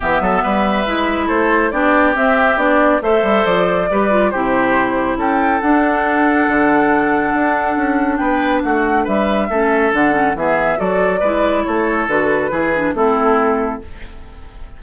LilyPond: <<
  \new Staff \with { instrumentName = "flute" } { \time 4/4 \tempo 4 = 139 e''2. c''4 | d''4 e''4 d''4 e''4 | d''2 c''2 | g''4 fis''2.~ |
fis''2. g''4 | fis''4 e''2 fis''4 | e''4 d''2 cis''4 | b'2 a'2 | }
  \new Staff \with { instrumentName = "oboe" } { \time 4/4 g'8 a'8 b'2 a'4 | g'2. c''4~ | c''4 b'4 g'2 | a'1~ |
a'2. b'4 | fis'4 b'4 a'2 | gis'4 a'4 b'4 a'4~ | a'4 gis'4 e'2 | }
  \new Staff \with { instrumentName = "clarinet" } { \time 4/4 b2 e'2 | d'4 c'4 d'4 a'4~ | a'4 g'8 f'8 e'2~ | e'4 d'2.~ |
d'1~ | d'2 cis'4 d'8 cis'8 | b4 fis'4 e'2 | fis'4 e'8 d'8 c'2 | }
  \new Staff \with { instrumentName = "bassoon" } { \time 4/4 e8 fis8 g4 gis4 a4 | b4 c'4 b4 a8 g8 | f4 g4 c2 | cis'4 d'2 d4~ |
d4 d'4 cis'4 b4 | a4 g4 a4 d4 | e4 fis4 gis4 a4 | d4 e4 a2 | }
>>